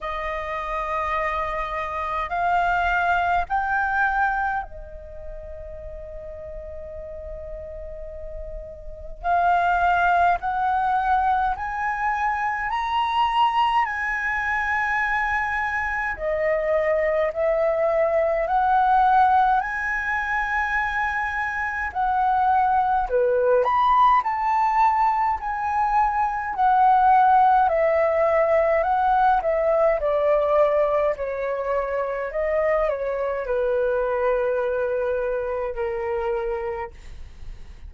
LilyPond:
\new Staff \with { instrumentName = "flute" } { \time 4/4 \tempo 4 = 52 dis''2 f''4 g''4 | dis''1 | f''4 fis''4 gis''4 ais''4 | gis''2 dis''4 e''4 |
fis''4 gis''2 fis''4 | b'8 b''8 a''4 gis''4 fis''4 | e''4 fis''8 e''8 d''4 cis''4 | dis''8 cis''8 b'2 ais'4 | }